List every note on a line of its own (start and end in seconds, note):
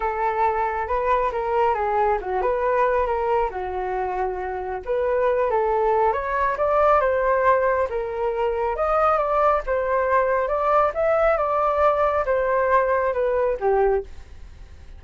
0.00 0.87 A4
0.87 1.31 B4
1.32 1.74 A#4
1.74 2.18 G#4
2.21 2.42 F#4
2.42 3.06 B4
3.06 3.50 A#4
3.50 4.82 F#4
4.85 5.50 B4
5.50 6.12 A4
6.12 6.56 C#5
6.57 7.00 D5
7.00 7.88 C5
7.89 8.76 A#4
8.76 9.18 D#5
9.18 9.61 D5
9.66 10.48 C5
10.48 10.91 D5
10.94 11.37 E5
11.37 12.24 D5
12.25 13.13 C5
13.13 13.57 B4
13.59 14.03 G4